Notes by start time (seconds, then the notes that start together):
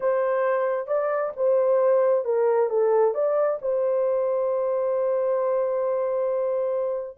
0.00 C5
0.87 D5
1.36 C5
2.24 A#4
2.69 A4
3.14 D5
3.61 C5